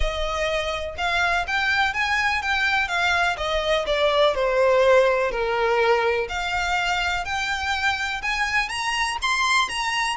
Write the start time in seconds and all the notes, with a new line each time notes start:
0.00 D#5
0.97 F5
1.47 G5
1.93 G#5
2.41 G5
2.88 F5
3.37 D#5
3.86 D5
4.35 C5
5.31 A#4
6.28 F5
7.25 G5
8.21 G#5
8.68 A#5
9.22 C6
9.68 A#5